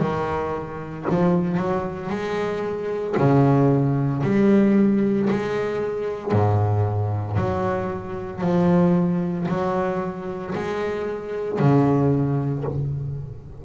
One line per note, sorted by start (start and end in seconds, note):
0.00 1.05 D#3
1.10 1.57 F3
1.57 2.10 F#3
2.10 3.15 G#3
3.18 4.23 C#3
4.23 5.29 G3
5.31 6.33 G#3
6.33 7.36 G#2
7.36 8.42 F#3
8.42 9.47 F3
9.49 10.54 F#3
10.55 11.59 G#3
11.59 12.65 C#3